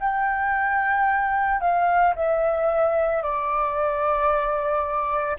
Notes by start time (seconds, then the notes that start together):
0.00 G5
1.61 F5
2.16 E5
3.23 D5